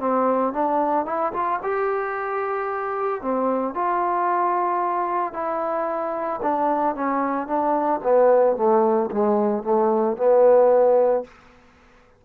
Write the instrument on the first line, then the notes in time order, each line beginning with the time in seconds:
trombone
0.00 C4
0.53 D4
1.06 E4
1.33 F4
1.63 G4
3.22 C4
3.75 F4
5.34 E4
6.43 D4
6.96 C#4
7.47 D4
8.04 B3
8.57 A3
9.12 G#3
9.63 A3
10.17 B3